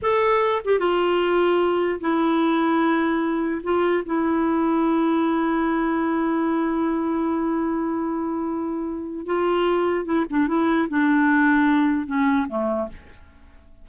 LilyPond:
\new Staff \with { instrumentName = "clarinet" } { \time 4/4 \tempo 4 = 149 a'4. g'8 f'2~ | f'4 e'2.~ | e'4 f'4 e'2~ | e'1~ |
e'1~ | e'2. f'4~ | f'4 e'8 d'8 e'4 d'4~ | d'2 cis'4 a4 | }